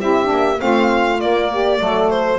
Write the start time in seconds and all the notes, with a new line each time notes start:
0.00 C4 E4 G4 E5
0.25 A#3 D4
0.59 A3 C4 F4 F5
1.20 A#3 D5
1.51 G4
1.78 F#3 A3 A4
2.10 C5